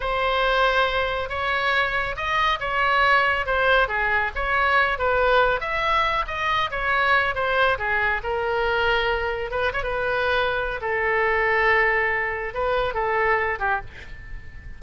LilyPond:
\new Staff \with { instrumentName = "oboe" } { \time 4/4 \tempo 4 = 139 c''2. cis''4~ | cis''4 dis''4 cis''2 | c''4 gis'4 cis''4. b'8~ | b'4 e''4. dis''4 cis''8~ |
cis''4 c''4 gis'4 ais'4~ | ais'2 b'8 cis''16 b'4~ b'16~ | b'4 a'2.~ | a'4 b'4 a'4. g'8 | }